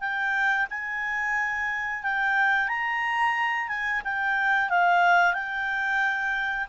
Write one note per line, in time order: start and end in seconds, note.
0.00 0.67 G5
0.70 2.03 G#5
2.03 2.68 G5
2.68 3.68 A#5
3.68 4.02 G#5
4.04 4.69 G5
4.69 5.34 F5
5.34 6.67 G5